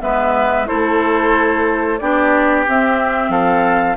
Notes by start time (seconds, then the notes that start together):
0.00 G#3 B3 B4 E5
0.66 E4 A4 C5
0.72 A3
1.98 B3 D4 G4 D5
2.67 C4 E5
3.28 F3 A4 F5